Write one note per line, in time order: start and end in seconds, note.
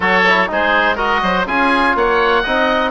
0.00 0.49 F#3
0.00 0.22 F#4
0.00 0.48 A4
0.00 0.50 C#5
0.27 0.47 E4
0.47 1.22 G#3
0.47 0.96 D#4
0.47 0.95 G#4
0.47 0.97 C5
0.95 1.45 F#4
0.95 1.20 A#4
0.95 1.46 D#5
1.22 1.46 F#3
1.22 1.47 C5
1.46 1.95 C#4
1.46 2.44 F4
1.46 1.96 G#4
1.46 1.96 G#5
1.95 2.44 A#3
1.95 2.43 C#5
1.95 2.91 F#5
2.43 2.91 C4
2.43 2.91 D#4
2.43 2.91 D#5